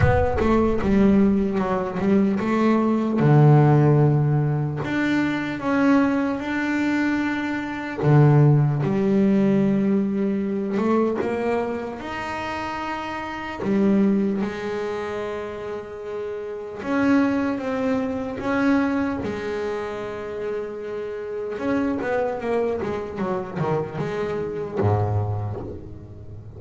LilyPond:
\new Staff \with { instrumentName = "double bass" } { \time 4/4 \tempo 4 = 75 b8 a8 g4 fis8 g8 a4 | d2 d'4 cis'4 | d'2 d4 g4~ | g4. a8 ais4 dis'4~ |
dis'4 g4 gis2~ | gis4 cis'4 c'4 cis'4 | gis2. cis'8 b8 | ais8 gis8 fis8 dis8 gis4 gis,4 | }